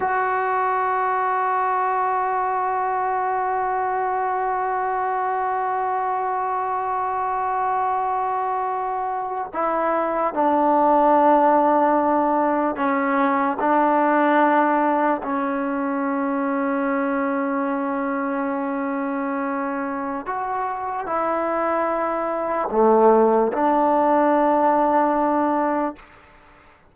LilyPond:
\new Staff \with { instrumentName = "trombone" } { \time 4/4 \tempo 4 = 74 fis'1~ | fis'1~ | fis'2.~ fis'8. e'16~ | e'8. d'2. cis'16~ |
cis'8. d'2 cis'4~ cis'16~ | cis'1~ | cis'4 fis'4 e'2 | a4 d'2. | }